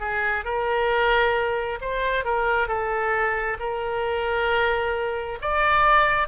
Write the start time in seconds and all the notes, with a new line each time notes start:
0.00 G#4
0.45 A#4
1.81 C5
2.25 A#4
2.68 A4
3.59 A#4
5.41 D5